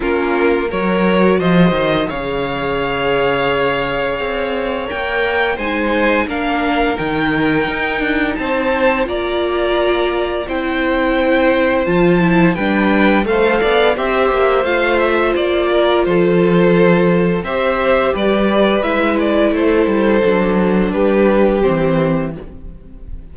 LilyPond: <<
  \new Staff \with { instrumentName = "violin" } { \time 4/4 \tempo 4 = 86 ais'4 cis''4 dis''4 f''4~ | f''2. g''4 | gis''4 f''4 g''2 | a''4 ais''2 g''4~ |
g''4 a''4 g''4 f''4 | e''4 f''8 e''8 d''4 c''4~ | c''4 e''4 d''4 e''8 d''8 | c''2 b'4 c''4 | }
  \new Staff \with { instrumentName = "violin" } { \time 4/4 f'4 ais'4 c''4 cis''4~ | cis''1 | c''4 ais'2. | c''4 d''2 c''4~ |
c''2 b'4 c''8 d''8 | c''2~ c''8 ais'8 a'4~ | a'4 c''4 b'2 | a'2 g'2 | }
  \new Staff \with { instrumentName = "viola" } { \time 4/4 cis'4 fis'2 gis'4~ | gis'2. ais'4 | dis'4 d'4 dis'2~ | dis'4 f'2 e'4~ |
e'4 f'8 e'8 d'4 a'4 | g'4 f'2.~ | f'4 g'2 e'4~ | e'4 d'2 c'4 | }
  \new Staff \with { instrumentName = "cello" } { \time 4/4 ais4 fis4 f8 dis8 cis4~ | cis2 c'4 ais4 | gis4 ais4 dis4 dis'8 d'8 | c'4 ais2 c'4~ |
c'4 f4 g4 a8 b8 | c'8 ais8 a4 ais4 f4~ | f4 c'4 g4 gis4 | a8 g8 fis4 g4 e4 | }
>>